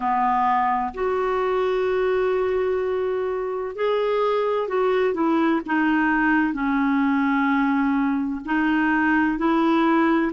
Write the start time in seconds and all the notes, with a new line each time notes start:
0.00 B3
0.94 F#4
3.75 G#4
4.67 F#4
5.13 E4
5.65 D#4
6.53 C#4
8.45 D#4
9.37 E4